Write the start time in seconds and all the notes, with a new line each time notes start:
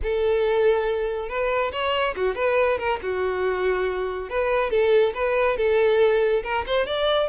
0.02 A4
1.28 B4
1.72 C#5
2.15 F#4
2.35 B4
2.78 A#4
3.02 F#4
4.29 B4
4.70 A4
5.14 B4
5.57 A4
6.43 A#4
6.66 C5
6.86 D5